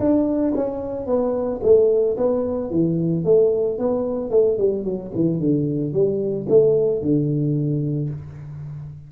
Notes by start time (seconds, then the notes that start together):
0.00 D4
0.56 C#4
1.07 B3
1.63 A3
2.18 B3
2.71 E3
3.25 A3
3.79 B3
4.31 A3
4.58 G3
4.85 F#3
5.15 E3
5.40 D3
5.93 G3
6.49 A3
7.02 D3